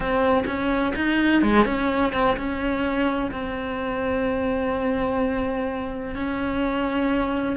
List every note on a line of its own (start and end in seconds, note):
0.00 0.44 C4
0.46 0.93 C#4
0.95 1.42 D#4
1.42 1.65 G#3
1.65 2.12 C#4
2.13 2.36 C4
2.36 3.31 C#4
3.31 6.15 C4
6.15 7.56 C#4